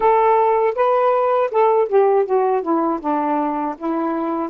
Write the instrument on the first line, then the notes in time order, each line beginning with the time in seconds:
saxophone
0.00 A4
0.75 B4
1.51 A4
1.88 G4
2.25 F#4
2.62 E4
3.00 D4
3.77 E4